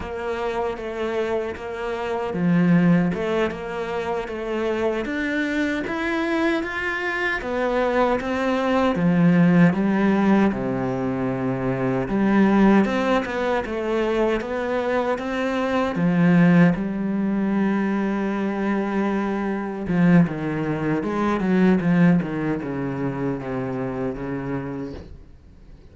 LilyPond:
\new Staff \with { instrumentName = "cello" } { \time 4/4 \tempo 4 = 77 ais4 a4 ais4 f4 | a8 ais4 a4 d'4 e'8~ | e'8 f'4 b4 c'4 f8~ | f8 g4 c2 g8~ |
g8 c'8 b8 a4 b4 c'8~ | c'8 f4 g2~ g8~ | g4. f8 dis4 gis8 fis8 | f8 dis8 cis4 c4 cis4 | }